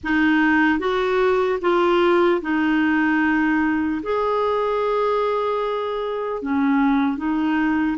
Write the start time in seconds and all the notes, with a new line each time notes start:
0.03 D#4
0.79 F#4
1.61 F4
2.41 D#4
4.03 G#4
6.42 C#4
7.17 D#4